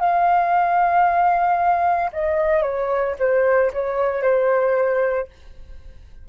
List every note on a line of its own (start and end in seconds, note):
0.00 2.11 F5
2.12 2.62 D#5
2.62 3.15 C#5
3.19 3.71 C5
3.73 4.22 C#5
4.22 5.28 C5